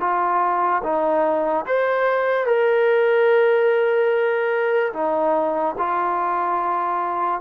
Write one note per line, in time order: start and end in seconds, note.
0.00 0.82 F4
0.83 1.66 D#4
1.66 2.46 C5
2.46 4.92 A#4
4.93 5.75 D#4
5.78 7.41 F4